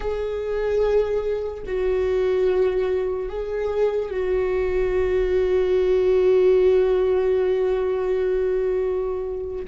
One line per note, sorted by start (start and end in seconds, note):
0.00 1.63 G#4
1.66 3.29 F#4
3.29 4.10 G#4
4.10 9.65 F#4